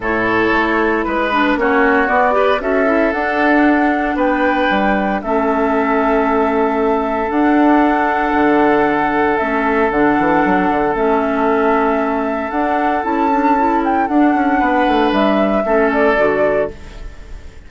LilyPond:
<<
  \new Staff \with { instrumentName = "flute" } { \time 4/4 \tempo 4 = 115 cis''2 b'4 cis''4 | d''4 e''4 fis''2 | g''2 e''2~ | e''2 fis''2~ |
fis''2 e''4 fis''4~ | fis''4 e''2. | fis''4 a''4. g''8 fis''4~ | fis''4 e''4. d''4. | }
  \new Staff \with { instrumentName = "oboe" } { \time 4/4 a'2 b'4 fis'4~ | fis'8 b'8 a'2. | b'2 a'2~ | a'1~ |
a'1~ | a'1~ | a'1 | b'2 a'2 | }
  \new Staff \with { instrumentName = "clarinet" } { \time 4/4 e'2~ e'8 d'8 cis'4 | b8 g'8 fis'8 e'8 d'2~ | d'2 cis'2~ | cis'2 d'2~ |
d'2 cis'4 d'4~ | d'4 cis'2. | d'4 e'8 d'8 e'4 d'4~ | d'2 cis'4 fis'4 | }
  \new Staff \with { instrumentName = "bassoon" } { \time 4/4 a,4 a4 gis4 ais4 | b4 cis'4 d'2 | b4 g4 a2~ | a2 d'2 |
d2 a4 d8 e8 | fis8 d8 a2. | d'4 cis'2 d'8 cis'8 | b8 a8 g4 a4 d4 | }
>>